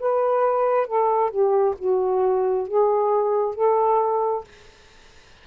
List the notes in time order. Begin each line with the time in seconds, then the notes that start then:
0.00 B4
0.88 A4
1.31 G4
1.79 F#4
2.68 G#4
3.55 A4